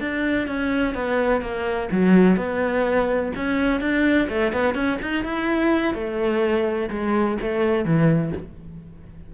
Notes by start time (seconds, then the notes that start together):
0.00 D4
0.47 C#4
0.94 B3
1.41 A#3
1.91 F#3
2.36 B3
3.35 C#4
3.81 D4
4.29 A3
4.52 B3
4.74 C#4
5.02 D#4
5.24 E4
5.94 A3
6.90 G#3
7.41 A3
7.85 E3